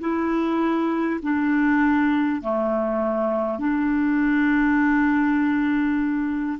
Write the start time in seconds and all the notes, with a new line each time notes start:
0.00 E4
1.22 D4
2.41 A3
3.58 D4